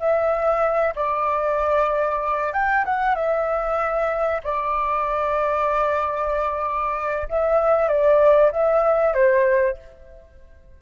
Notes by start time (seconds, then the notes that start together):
0.00 E5
0.96 D5
2.53 G5
2.85 F#5
3.16 E5
4.44 D5
7.29 E5
7.89 D5
8.52 E5
9.14 C5